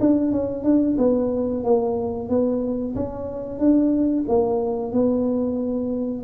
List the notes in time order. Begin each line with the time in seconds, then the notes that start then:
0.00 D4
0.31 C#4
0.64 D4
0.98 B3
1.63 A#3
2.29 B3
2.95 C#4
3.58 D4
4.28 A#3
4.92 B3